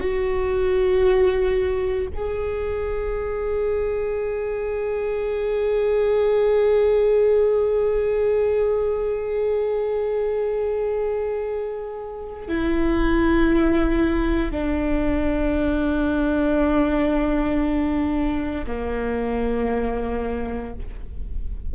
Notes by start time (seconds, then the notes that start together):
0.00 F#4
2.14 G#4
12.48 E4
14.52 D4
18.66 A#3